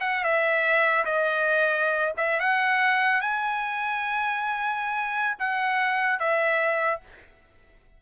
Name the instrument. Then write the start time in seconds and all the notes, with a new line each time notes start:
trumpet
0.00 F#5
0.24 E5
1.05 D#5
2.17 E5
2.40 F#5
3.21 G#5
5.39 F#5
6.19 E5